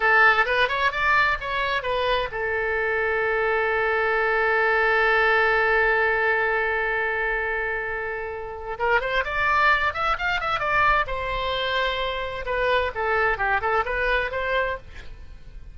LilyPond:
\new Staff \with { instrumentName = "oboe" } { \time 4/4 \tempo 4 = 130 a'4 b'8 cis''8 d''4 cis''4 | b'4 a'2.~ | a'1~ | a'1~ |
a'2. ais'8 c''8 | d''4. e''8 f''8 e''8 d''4 | c''2. b'4 | a'4 g'8 a'8 b'4 c''4 | }